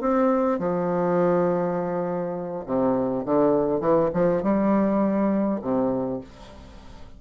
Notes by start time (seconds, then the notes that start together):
0.00 C4
0.59 F3
2.66 C3
3.25 D3
3.80 E3
4.13 F3
4.43 G3
5.61 C3